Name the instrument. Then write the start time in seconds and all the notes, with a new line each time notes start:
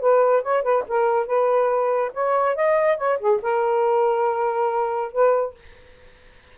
saxophone
0.00 B4
0.43 C#5
0.63 B4
0.88 A#4
1.27 B4
2.14 C#5
2.56 D#5
2.97 C#5
3.20 G#4
3.42 A#4
5.12 B4